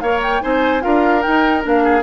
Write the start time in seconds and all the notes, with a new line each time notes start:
0.00 A#3 A#4 C#5 F5
0.23 G5
0.41 C4 D#4 C5 G#5
0.81 D4 F4 A#4 F5
1.22 D#4 G5
1.62 A#3 D4 F5
1.84 G#4